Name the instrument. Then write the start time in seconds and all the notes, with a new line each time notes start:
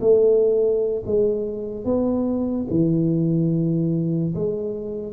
tuba
0.00 A3
1.06 G#3
1.85 B3
2.70 E3
4.34 G#3